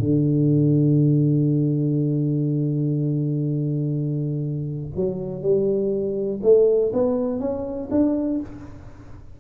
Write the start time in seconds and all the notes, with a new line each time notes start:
0.00 D3
4.96 F#3
5.42 G3
6.43 A3
6.93 B3
7.40 C#4
7.91 D4